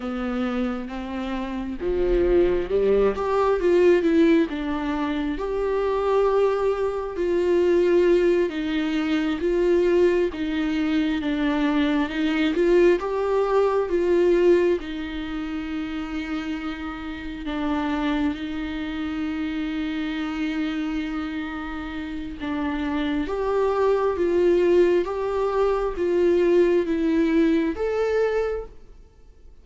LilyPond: \new Staff \with { instrumentName = "viola" } { \time 4/4 \tempo 4 = 67 b4 c'4 f4 g8 g'8 | f'8 e'8 d'4 g'2 | f'4. dis'4 f'4 dis'8~ | dis'8 d'4 dis'8 f'8 g'4 f'8~ |
f'8 dis'2. d'8~ | d'8 dis'2.~ dis'8~ | dis'4 d'4 g'4 f'4 | g'4 f'4 e'4 a'4 | }